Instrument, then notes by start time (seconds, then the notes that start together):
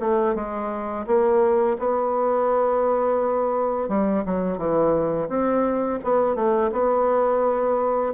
bassoon
0.00 A3
0.35 G#3
1.07 A#3
1.79 B3
3.89 G3
4.25 F#3
4.58 E3
5.29 C4
6.04 B3
6.36 A3
6.72 B3